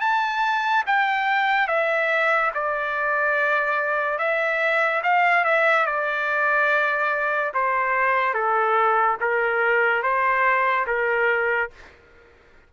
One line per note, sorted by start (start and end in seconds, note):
0.00 0.83 A5
0.86 1.67 G5
1.67 2.51 E5
2.54 4.19 D5
4.19 5.02 E5
5.03 5.44 F5
5.44 5.86 E5
5.86 7.52 D5
7.54 8.34 C5
8.34 9.17 A4
9.20 10.03 A#4
10.03 10.86 C5
10.87 11.70 A#4